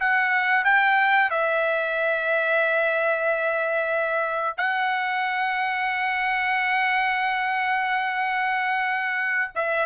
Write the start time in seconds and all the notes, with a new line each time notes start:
0.00 F#5
0.64 G5
1.30 E5
4.57 F#5
9.55 E5